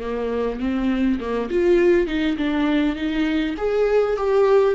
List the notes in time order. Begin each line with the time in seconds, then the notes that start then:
0.00 A#3
0.60 C4
1.20 A#3
1.50 F4
2.07 D#4
2.37 D4
2.95 D#4
3.57 G#4
4.17 G4